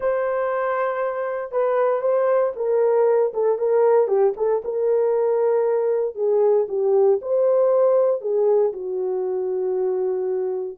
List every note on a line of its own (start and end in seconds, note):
0.00 1.51 C5
1.51 2.01 B4
2.01 2.52 C5
2.55 3.32 A#4
3.33 3.58 A4
3.58 4.07 A#4
4.07 4.33 G4
4.37 4.62 A4
4.64 6.15 A#4
6.15 6.66 G#4
6.68 7.19 G4
7.21 8.21 C5
8.21 8.72 G#4
8.72 10.77 F#4